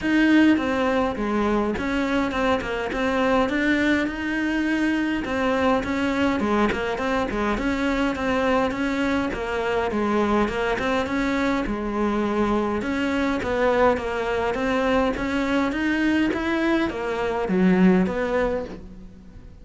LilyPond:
\new Staff \with { instrumentName = "cello" } { \time 4/4 \tempo 4 = 103 dis'4 c'4 gis4 cis'4 | c'8 ais8 c'4 d'4 dis'4~ | dis'4 c'4 cis'4 gis8 ais8 | c'8 gis8 cis'4 c'4 cis'4 |
ais4 gis4 ais8 c'8 cis'4 | gis2 cis'4 b4 | ais4 c'4 cis'4 dis'4 | e'4 ais4 fis4 b4 | }